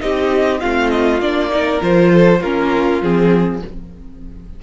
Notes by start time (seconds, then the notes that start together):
0.00 C4 D#4 G4 D#5
0.60 A3 C4 F4 F5
0.90 D#5
1.21 A#3 D4 D5
1.49 D#4 A#4
1.81 F3 F4 C5
2.13 A4
2.40 A#3 C#4 F4 A#4
3.02 F3 C4 G#4